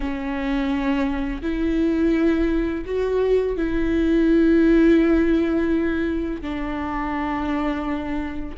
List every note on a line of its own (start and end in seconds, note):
0.00 1.41 C#4
1.42 2.84 E4
2.85 3.56 F#4
3.56 6.41 E4
6.41 8.56 D4